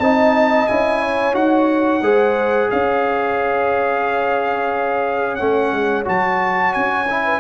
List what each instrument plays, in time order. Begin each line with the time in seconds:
0.00 tuba C4, trombone D#4, horn D#5, trumpet A5
0.67 tuba C#4, trombone E4, trumpet G#5
1.02 horn C#5
1.34 tuba D#4, trombone F#4, trumpet F#5
2.02 tuba G#3, trombone G#4, horn C5
2.70 tuba C#4, horn C#5, trumpet F5
5.36 tuba A3, trombone C#4, trumpet F#5
5.73 tuba G#3
6.05 tuba F#3, trombone F#4, trumpet A5
6.74 tuba C#4, trumpet G#5
7.10 trombone E4
7.24 horn B4